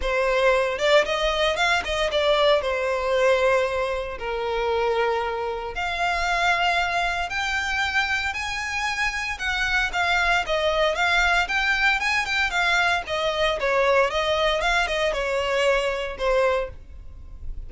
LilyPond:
\new Staff \with { instrumentName = "violin" } { \time 4/4 \tempo 4 = 115 c''4. d''8 dis''4 f''8 dis''8 | d''4 c''2. | ais'2. f''4~ | f''2 g''2 |
gis''2 fis''4 f''4 | dis''4 f''4 g''4 gis''8 g''8 | f''4 dis''4 cis''4 dis''4 | f''8 dis''8 cis''2 c''4 | }